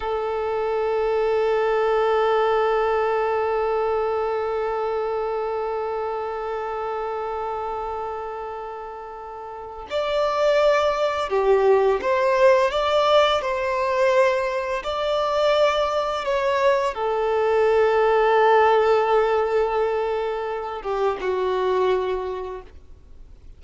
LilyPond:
\new Staff \with { instrumentName = "violin" } { \time 4/4 \tempo 4 = 85 a'1~ | a'1~ | a'1~ | a'2 d''2 |
g'4 c''4 d''4 c''4~ | c''4 d''2 cis''4 | a'1~ | a'4. g'8 fis'2 | }